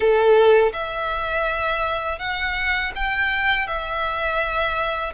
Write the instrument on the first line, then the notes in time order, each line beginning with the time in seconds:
violin
0.00 A4
0.73 E5
2.19 F#5
2.95 G5
3.67 E5